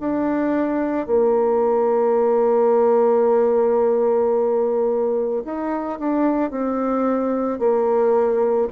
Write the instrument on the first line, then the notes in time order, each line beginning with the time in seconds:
bassoon
0.00 D4
1.07 A#3
5.45 D#4
5.99 D4
6.51 C4
7.59 A#3